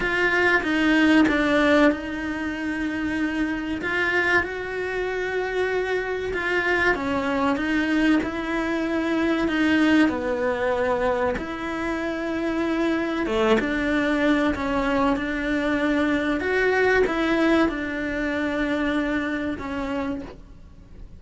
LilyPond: \new Staff \with { instrumentName = "cello" } { \time 4/4 \tempo 4 = 95 f'4 dis'4 d'4 dis'4~ | dis'2 f'4 fis'4~ | fis'2 f'4 cis'4 | dis'4 e'2 dis'4 |
b2 e'2~ | e'4 a8 d'4. cis'4 | d'2 fis'4 e'4 | d'2. cis'4 | }